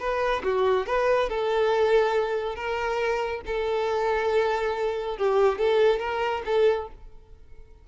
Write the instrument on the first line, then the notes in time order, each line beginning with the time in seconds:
violin
0.00 B4
0.44 F#4
0.87 B4
1.30 A4
2.56 A#4
3.46 A4
5.18 G4
5.59 A4
6.00 A#4
6.45 A4